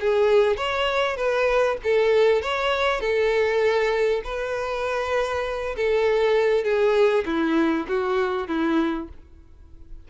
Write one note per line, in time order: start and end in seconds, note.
0.00 0.57 G#4
0.57 1.17 C#5
1.17 1.77 B4
1.84 2.42 A4
2.42 3.01 C#5
3.01 4.22 A4
4.24 5.76 B4
5.77 6.64 A4
6.64 7.25 G#4
7.26 7.87 E4
7.88 8.48 F#4
8.48 9.09 E4